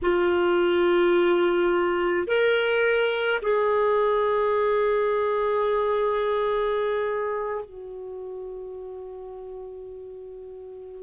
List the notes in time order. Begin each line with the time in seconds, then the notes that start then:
0.02 F4
2.26 A#4
3.42 G#4
7.64 F#4